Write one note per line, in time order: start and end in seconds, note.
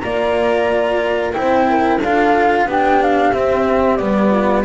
0.00 1.36 A#3
0.00 1.34 F4
0.00 1.36 D5
0.00 1.32 A#5
1.34 2.02 C4
1.34 1.99 E4
1.34 1.70 C5
1.34 2.00 G5
1.70 2.00 A#4
2.00 2.65 D4
2.00 2.69 F4
2.00 2.66 A4
2.00 2.69 F5
2.65 3.31 B3
2.65 3.33 D4
2.65 4.31 G4
2.65 3.03 G5
3.03 3.33 F5
3.33 3.99 C4
3.33 4.00 C4
3.33 3.97 E5
3.97 4.65 G3
3.97 4.65 B3
3.97 4.63 D5
4.31 4.64 F4